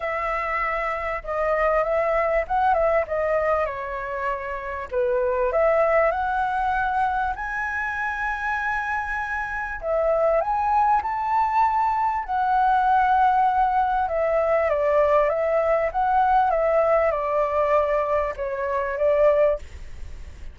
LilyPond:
\new Staff \with { instrumentName = "flute" } { \time 4/4 \tempo 4 = 98 e''2 dis''4 e''4 | fis''8 e''8 dis''4 cis''2 | b'4 e''4 fis''2 | gis''1 |
e''4 gis''4 a''2 | fis''2. e''4 | d''4 e''4 fis''4 e''4 | d''2 cis''4 d''4 | }